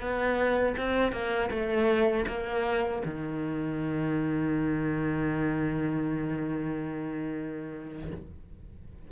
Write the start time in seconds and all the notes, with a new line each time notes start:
0.00 B3
0.77 C4
1.12 A#3
1.50 A3
2.27 A#3
3.05 D#3